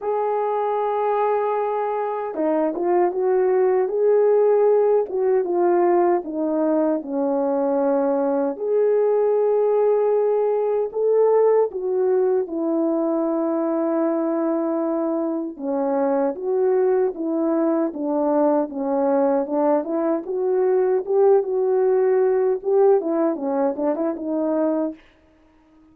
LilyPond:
\new Staff \with { instrumentName = "horn" } { \time 4/4 \tempo 4 = 77 gis'2. dis'8 f'8 | fis'4 gis'4. fis'8 f'4 | dis'4 cis'2 gis'4~ | gis'2 a'4 fis'4 |
e'1 | cis'4 fis'4 e'4 d'4 | cis'4 d'8 e'8 fis'4 g'8 fis'8~ | fis'4 g'8 e'8 cis'8 d'16 e'16 dis'4 | }